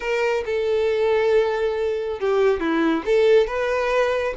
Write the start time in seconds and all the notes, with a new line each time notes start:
0.00 A#4
0.45 A4
2.19 G4
2.59 E4
3.05 A4
3.47 B4